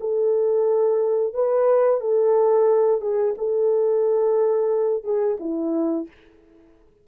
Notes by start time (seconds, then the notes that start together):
0.00 A4
1.34 B4
2.00 A4
3.01 G#4
3.38 A4
5.04 G#4
5.40 E4